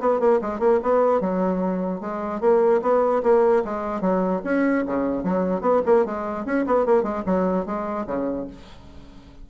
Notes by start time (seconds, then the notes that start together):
0.00 B3
0.19 A#3
0.41 G#3
0.59 A#3
0.82 B3
1.20 F#3
2.00 G#3
2.40 A#3
2.82 B3
3.23 A#3
3.64 G#3
4.01 F#3
4.44 C#4
4.86 C#3
5.23 F#3
5.61 B3
5.85 A#3
6.05 G#3
6.45 C#4
6.66 B3
6.85 A#3
7.03 G#3
7.25 F#3
7.65 G#3
8.06 C#3